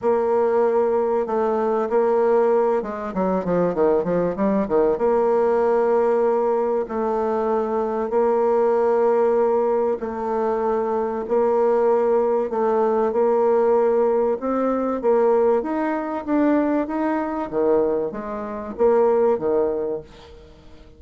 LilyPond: \new Staff \with { instrumentName = "bassoon" } { \time 4/4 \tempo 4 = 96 ais2 a4 ais4~ | ais8 gis8 fis8 f8 dis8 f8 g8 dis8 | ais2. a4~ | a4 ais2. |
a2 ais2 | a4 ais2 c'4 | ais4 dis'4 d'4 dis'4 | dis4 gis4 ais4 dis4 | }